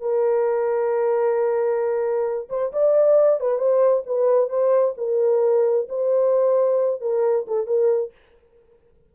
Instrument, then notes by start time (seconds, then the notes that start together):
horn
0.00 A#4
2.49 C5
2.73 D5
3.40 B4
3.58 C5
4.06 B4
4.49 C5
4.97 A#4
5.89 C5
7.01 A#4
7.47 A4
7.67 A#4